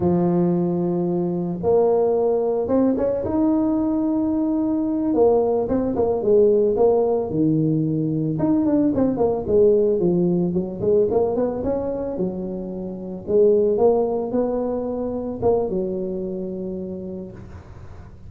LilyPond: \new Staff \with { instrumentName = "tuba" } { \time 4/4 \tempo 4 = 111 f2. ais4~ | ais4 c'8 cis'8 dis'2~ | dis'4. ais4 c'8 ais8 gis8~ | gis8 ais4 dis2 dis'8 |
d'8 c'8 ais8 gis4 f4 fis8 | gis8 ais8 b8 cis'4 fis4.~ | fis8 gis4 ais4 b4.~ | b8 ais8 fis2. | }